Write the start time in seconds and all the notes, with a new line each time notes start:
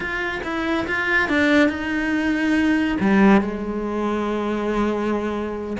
0.00 F4
0.43 E4
0.87 F4
1.28 D4
1.68 D#4
3.00 G3
3.41 G#3